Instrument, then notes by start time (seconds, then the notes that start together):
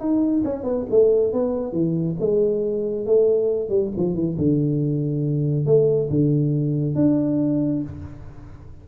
tuba
0.00 D#4
0.45 C#4
0.64 B3
0.91 A3
1.33 B3
1.73 E3
2.20 G#3
3.07 A3
3.70 G3
3.97 F3
4.15 E3
4.38 D3
5.66 A3
6.11 D3
6.96 D4